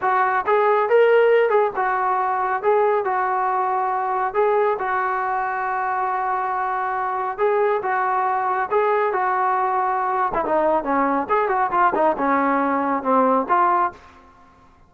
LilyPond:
\new Staff \with { instrumentName = "trombone" } { \time 4/4 \tempo 4 = 138 fis'4 gis'4 ais'4. gis'8 | fis'2 gis'4 fis'4~ | fis'2 gis'4 fis'4~ | fis'1~ |
fis'4 gis'4 fis'2 | gis'4 fis'2~ fis'8. e'16 | dis'4 cis'4 gis'8 fis'8 f'8 dis'8 | cis'2 c'4 f'4 | }